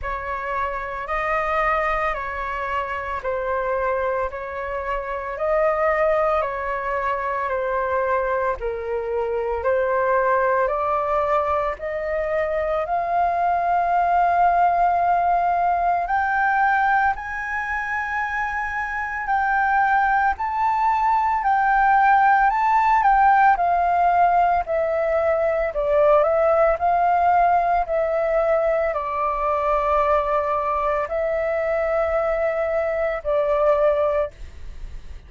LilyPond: \new Staff \with { instrumentName = "flute" } { \time 4/4 \tempo 4 = 56 cis''4 dis''4 cis''4 c''4 | cis''4 dis''4 cis''4 c''4 | ais'4 c''4 d''4 dis''4 | f''2. g''4 |
gis''2 g''4 a''4 | g''4 a''8 g''8 f''4 e''4 | d''8 e''8 f''4 e''4 d''4~ | d''4 e''2 d''4 | }